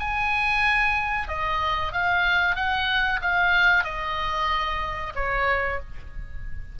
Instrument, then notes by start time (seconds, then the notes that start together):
oboe
0.00 G#5
1.28 D#5
1.92 F5
2.56 F#5
3.22 F5
3.84 D#5
5.16 C#5